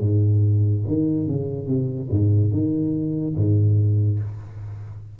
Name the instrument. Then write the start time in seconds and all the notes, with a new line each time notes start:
tuba
0.00 G#2
0.87 D#3
1.27 C#3
1.67 C3
2.10 G#2
2.52 D#3
3.36 G#2